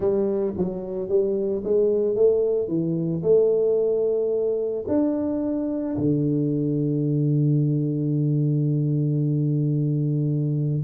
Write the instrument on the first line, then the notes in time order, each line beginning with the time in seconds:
tuba
0.00 G3
0.57 F#3
1.08 G3
1.63 G#3
2.15 A3
2.68 E3
3.23 A3
4.88 D4
5.97 D3